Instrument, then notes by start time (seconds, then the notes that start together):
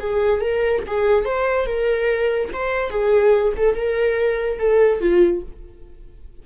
viola
0.00 G#4
0.41 A#4
0.87 G#4
1.25 C5
1.66 A#4
2.53 C5
2.91 G#4
3.57 A4
3.76 A#4
4.59 A4
5.01 F4